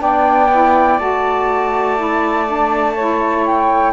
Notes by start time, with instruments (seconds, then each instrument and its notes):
0.00 cello B3, saxophone D4 D5, flute G5
0.52 saxophone E4
0.99 cello A3, saxophone F#4, flute A5
1.97 saxophone E4
2.47 saxophone D4
2.95 saxophone E4 C#5
3.46 flute G5